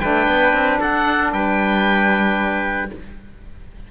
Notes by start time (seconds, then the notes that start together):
0.00 A3 D4 B4 G5
0.27 B3
0.53 C4
0.80 D4 A4 F#5
1.33 G3 B4 G5